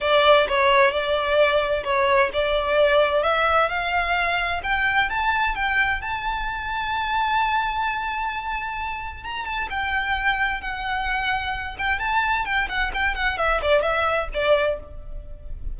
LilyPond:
\new Staff \with { instrumentName = "violin" } { \time 4/4 \tempo 4 = 130 d''4 cis''4 d''2 | cis''4 d''2 e''4 | f''2 g''4 a''4 | g''4 a''2.~ |
a''1 | ais''8 a''8 g''2 fis''4~ | fis''4. g''8 a''4 g''8 fis''8 | g''8 fis''8 e''8 d''8 e''4 d''4 | }